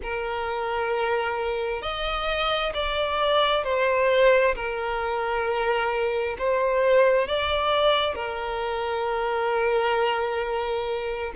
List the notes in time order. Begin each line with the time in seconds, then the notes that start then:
0.02 A#4
1.82 D#5
2.74 D5
3.64 C5
4.55 A#4
6.38 C5
7.27 D5
8.14 A#4